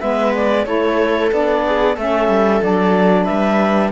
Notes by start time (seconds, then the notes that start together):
0.00 G#3 B3 B4 E5
0.35 D5
0.65 A3 E4 A4 C#5
1.30 B3 D4 D5
1.66 G#4
1.95 A3 C#4 A4 E5
2.28 G3
2.62 F#3 D4 D5
3.24 G3 B4 E5